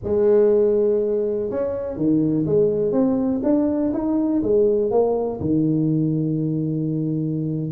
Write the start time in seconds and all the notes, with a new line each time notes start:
0.03 G#3
1.50 C#4
1.96 D#3
2.46 G#3
2.92 C4
3.43 D4
3.93 D#4
4.42 G#3
4.90 A#3
5.40 D#3